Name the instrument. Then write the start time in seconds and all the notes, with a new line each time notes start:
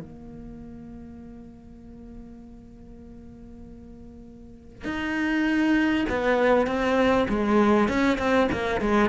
cello
0.00 A#3
4.85 D#4
6.10 B3
6.67 C4
7.29 G#3
7.88 C#4
8.18 C4
8.52 A#3
8.81 G#3